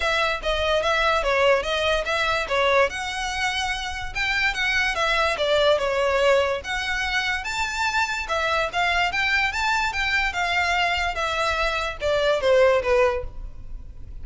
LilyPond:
\new Staff \with { instrumentName = "violin" } { \time 4/4 \tempo 4 = 145 e''4 dis''4 e''4 cis''4 | dis''4 e''4 cis''4 fis''4~ | fis''2 g''4 fis''4 | e''4 d''4 cis''2 |
fis''2 a''2 | e''4 f''4 g''4 a''4 | g''4 f''2 e''4~ | e''4 d''4 c''4 b'4 | }